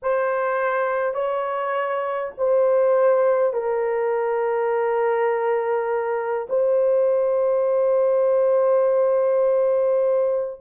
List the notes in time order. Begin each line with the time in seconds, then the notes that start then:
0.02 C5
1.14 C#5
2.37 C5
3.53 A#4
6.49 C5